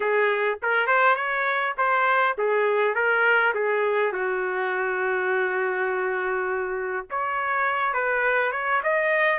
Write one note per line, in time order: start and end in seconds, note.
0.00 0.59 G#4
0.62 0.87 A#4
0.87 1.15 C5
1.15 1.74 C#5
1.77 2.36 C5
2.38 2.94 G#4
2.94 3.53 A#4
3.54 4.12 G#4
4.12 7.06 F#4
7.10 7.93 C#5
7.93 8.52 B4
8.52 8.81 C#5
8.83 9.39 D#5